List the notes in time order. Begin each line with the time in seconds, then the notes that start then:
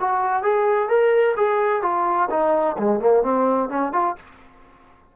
0.00 F#4
0.42 G#4
0.89 A#4
1.37 G#4
1.82 F4
2.30 D#4
2.78 G#3
3.00 A#3
3.23 C4
3.69 C#4
3.93 F4